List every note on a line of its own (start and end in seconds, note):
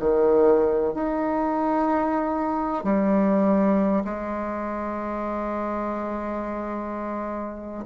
0.00 0.94 D#3
0.94 2.84 D#4
2.84 4.03 G3
4.05 7.86 G#3